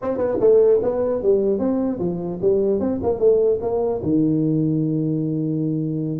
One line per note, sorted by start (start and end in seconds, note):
0.02 0.17 C4
0.17 0.37 B3
0.40 0.80 A3
0.82 1.22 B3
1.22 1.59 G3
1.59 1.99 C4
1.99 2.39 F3
2.41 2.79 G3
2.79 2.99 C4
3.02 3.19 A#3
3.19 3.59 A3
3.61 4.01 A#3
4.02 6.19 D#3